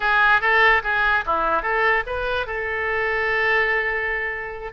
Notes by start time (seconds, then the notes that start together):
0.00 G#4
0.41 A4
0.83 G#4
1.26 E4
1.62 A4
2.06 B4
2.46 A4